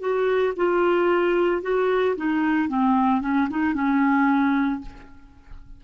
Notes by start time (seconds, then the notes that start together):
0.00 F#4
0.56 F4
1.62 F#4
2.16 D#4
2.68 C4
3.21 C#4
3.50 D#4
3.74 C#4